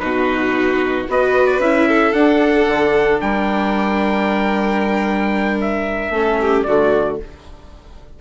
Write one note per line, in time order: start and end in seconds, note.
0.00 1.08 B2
0.00 1.07 D#4
0.00 1.10 F#4
0.00 1.06 B4
1.09 1.60 B3
1.09 1.62 F#4
1.09 1.89 B4
1.09 1.47 D#5
1.47 1.60 D5
1.60 2.13 C#4
1.60 2.15 E4
1.60 2.13 E5
1.89 3.21 A4
2.13 2.66 D4
2.13 6.13 D4
2.13 3.19 F#5
2.68 3.21 D3
3.21 6.10 G3
3.21 6.12 A#4
3.21 5.60 G5
5.61 6.63 E5
6.10 6.63 A3
6.10 6.67 C#4
6.10 6.39 A4
6.42 6.67 G4
6.63 7.20 D3
6.63 7.21 A3
6.63 7.20 F#4
6.63 7.16 D5